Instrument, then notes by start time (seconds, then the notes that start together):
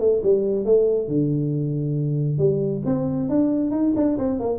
tuba
0.00 A3
0.23 G3
0.65 A3
1.08 D3
2.39 G3
2.86 C4
3.30 D4
3.71 D#4
3.96 D4
4.18 C4
4.40 A#3